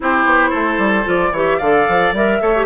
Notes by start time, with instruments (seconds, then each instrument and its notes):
0.00 bassoon C4, clarinet E4, oboe G4, flute C5
0.25 bassoon B3
0.50 bassoon A3, oboe A4
0.78 bassoon G3
1.04 bassoon F3, clarinet F4, flute D5
1.31 bassoon E3, clarinet G4, oboe C#5, flute E5
1.57 bassoon D3, clarinet A4, oboe D5, flute F5
1.88 bassoon F3
2.12 bassoon G3, clarinet A#4, flute E5
2.41 bassoon A3, clarinet A4, oboe C#5
2.55 clarinet G4